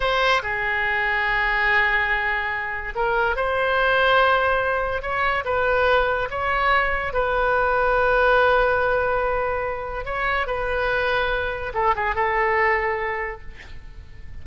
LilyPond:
\new Staff \with { instrumentName = "oboe" } { \time 4/4 \tempo 4 = 143 c''4 gis'2.~ | gis'2. ais'4 | c''1 | cis''4 b'2 cis''4~ |
cis''4 b'2.~ | b'1 | cis''4 b'2. | a'8 gis'8 a'2. | }